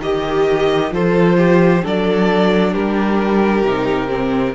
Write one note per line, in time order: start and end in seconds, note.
0.00 0.91 D#3
0.00 0.90 G4
0.00 0.93 G4
0.00 0.93 D#5
0.90 1.82 F3
0.90 1.81 F4
0.90 1.37 A4
0.90 1.84 C5
1.37 1.83 G4
1.83 2.75 F#3
1.83 3.64 D4
1.83 2.72 A4
1.83 2.73 D5
2.72 3.62 G3
2.72 4.54 G4
2.72 4.55 A#4
3.62 4.53 C3
3.62 4.08 D#4
4.08 4.53 C4